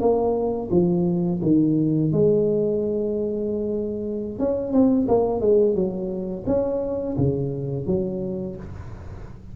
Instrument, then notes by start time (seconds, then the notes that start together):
tuba
0.00 A#3
0.71 F3
1.42 D#3
2.12 G#3
4.39 C#4
4.73 C4
5.08 A#3
5.40 G#3
5.75 F#3
6.47 C#4
7.17 C#3
7.86 F#3